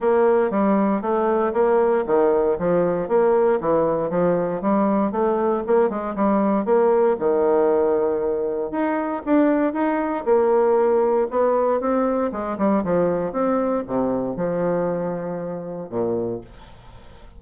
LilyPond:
\new Staff \with { instrumentName = "bassoon" } { \time 4/4 \tempo 4 = 117 ais4 g4 a4 ais4 | dis4 f4 ais4 e4 | f4 g4 a4 ais8 gis8 | g4 ais4 dis2~ |
dis4 dis'4 d'4 dis'4 | ais2 b4 c'4 | gis8 g8 f4 c'4 c4 | f2. ais,4 | }